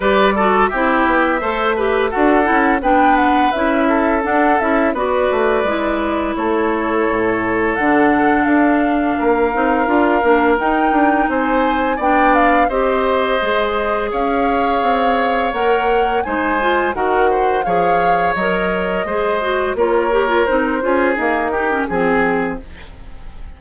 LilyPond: <<
  \new Staff \with { instrumentName = "flute" } { \time 4/4 \tempo 4 = 85 d''4 e''2 fis''4 | g''8 fis''8 e''4 fis''8 e''8 d''4~ | d''4 cis''2 fis''4 | f''2. g''4 |
gis''4 g''8 f''8 dis''2 | f''2 fis''4 gis''4 | fis''4 f''4 dis''2 | cis''4 c''4 ais'4 gis'4 | }
  \new Staff \with { instrumentName = "oboe" } { \time 4/4 b'8 a'8 g'4 c''8 b'8 a'4 | b'4. a'4. b'4~ | b'4 a'2.~ | a'4 ais'2. |
c''4 d''4 c''2 | cis''2. c''4 | ais'8 c''8 cis''2 c''4 | ais'4. gis'4 g'8 gis'4 | }
  \new Staff \with { instrumentName = "clarinet" } { \time 4/4 g'8 fis'8 e'4 a'8 g'8 fis'8 e'8 | d'4 e'4 d'8 e'8 fis'4 | e'2. d'4~ | d'4. dis'8 f'8 d'8 dis'4~ |
dis'4 d'4 g'4 gis'4~ | gis'2 ais'4 dis'8 f'8 | fis'4 gis'4 ais'4 gis'8 fis'8 | f'8 g'16 f'16 dis'8 f'8 ais8 dis'16 cis'16 c'4 | }
  \new Staff \with { instrumentName = "bassoon" } { \time 4/4 g4 c'8 b8 a4 d'8 cis'8 | b4 cis'4 d'8 cis'8 b8 a8 | gis4 a4 a,4 d4 | d'4 ais8 c'8 d'8 ais8 dis'8 d'8 |
c'4 b4 c'4 gis4 | cis'4 c'4 ais4 gis4 | dis4 f4 fis4 gis4 | ais4 c'8 cis'8 dis'4 f4 | }
>>